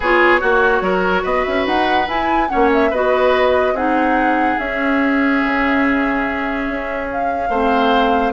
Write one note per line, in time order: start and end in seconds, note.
0.00 0.41 B3
0.00 0.39 F4
0.00 0.40 G#4
0.00 1.25 C#5
0.39 0.81 A#3
0.39 2.06 F#4
0.39 0.82 F#4
0.81 1.22 F#3
0.81 1.22 A#4
1.22 1.45 B3
1.22 2.47 B4
1.22 1.44 D#5
1.44 1.66 C#4
1.44 1.65 E5
1.66 2.07 D#4
1.66 2.08 F#5
2.07 2.49 E4
2.07 2.48 G#5
2.48 2.90 C#4
2.48 2.90 C#5
2.48 2.69 F#5
2.54 2.91 A#3
2.73 2.93 E5
2.90 3.72 B3
2.90 3.75 F#4
2.90 3.73 B4
2.90 3.76 D#5
3.72 4.56 C4
3.72 4.59 D#4
3.72 7.49 G#4
3.72 4.58 F#5
4.58 5.42 C#4
4.58 7.52 C#4
4.58 7.08 E5
5.43 6.68 C#3
6.68 7.49 C#4
7.12 8.33 F5
7.49 8.32 A3
7.49 8.33 C4
7.49 8.32 C5